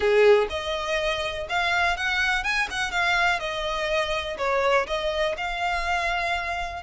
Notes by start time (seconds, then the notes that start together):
0.00 G#4
0.49 D#5
1.49 F5
1.96 F#5
2.43 G#5
2.70 F#5
2.91 F5
3.39 D#5
4.37 C#5
4.86 D#5
5.37 F5